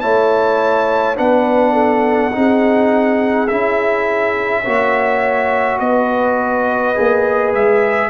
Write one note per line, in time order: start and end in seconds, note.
0.00 1.18 A3
0.00 1.15 E4
0.00 1.17 C#5
0.00 1.15 A5
1.15 2.33 B3
1.15 2.31 D4
1.15 1.73 B4
1.15 3.47 F#5
1.73 2.30 A4
2.32 3.50 C4
2.32 3.47 D#4
2.32 4.62 G#4
3.47 4.66 C#4
3.47 4.64 E4
3.47 5.78 E5
4.62 5.79 A#3
4.62 6.95 F#4
4.62 5.77 C#5
5.79 6.95 B3
5.79 8.10 B4
5.79 7.52 D#5
6.95 7.53 A#3
6.95 8.10 G#4
7.53 8.10 G#3
7.53 8.10 E5